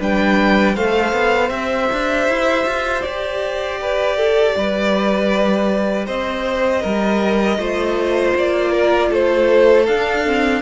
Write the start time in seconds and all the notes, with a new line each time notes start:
0.00 G3 D4 B4 G5
0.75 A3 A4 C5 F5
1.13 B3
1.50 C4 G4 E5
1.93 D4
2.28 E4
2.66 F4
3.02 G4 D5
3.82 B4
4.17 A4
4.56 G3 B4
6.06 C4 C5 D#5
6.82 G3 A#4
7.58 A3 F4 C5
8.35 A#3 D5
8.72 A#4
9.10 A3 A4 C5
9.86 D4 F5
10.26 C4